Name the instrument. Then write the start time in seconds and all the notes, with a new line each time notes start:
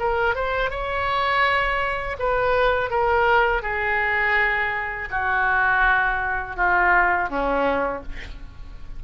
oboe
0.00 A#4
0.35 C5
0.71 C#5
2.20 B4
2.91 A#4
3.63 G#4
5.11 F#4
6.57 F4
7.30 C#4